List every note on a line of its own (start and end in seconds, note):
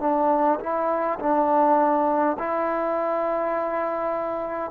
0.00 0.59 D4
0.60 1.19 E4
1.19 2.37 D4
2.39 4.71 E4